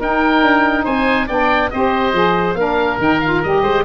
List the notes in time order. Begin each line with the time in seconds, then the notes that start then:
0.00 D#4 A#4 G5
0.43 D4
0.84 C4 C5 G#5
1.27 B3 D4 D5 G5
1.71 C4 G4 C5 D#5
2.13 F3 G#4
2.55 A#3 D4 A#4 F5
2.98 D#3 D#4 G5
3.21 F4 F5
3.43 G3 G4 D#5
3.62 G#3 C5